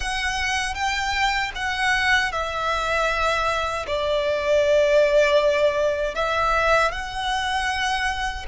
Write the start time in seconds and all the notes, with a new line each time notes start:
0.00 F#5
0.74 G5
1.55 F#5
2.31 E5
3.86 D5
6.15 E5
6.91 F#5